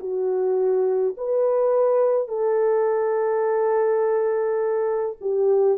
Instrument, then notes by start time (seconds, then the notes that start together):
horn
0.00 F#4
1.17 B4
2.29 A4
5.21 G4